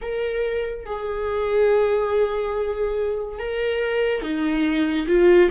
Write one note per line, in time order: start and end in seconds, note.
0.01 0.85 A#4
0.85 3.38 G#4
3.38 4.21 A#4
4.21 5.06 D#4
5.07 5.49 F4